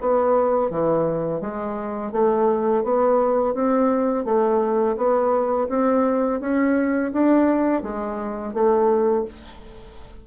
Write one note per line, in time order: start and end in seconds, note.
0.00 0.70 B3
0.70 1.41 E3
1.41 2.12 G#3
2.12 2.83 A3
2.83 3.54 B3
3.54 4.25 C4
4.25 4.96 A3
4.96 5.68 B3
5.69 6.40 C4
6.40 7.12 C#4
7.13 7.83 D4
7.83 8.53 G#3
8.53 9.25 A3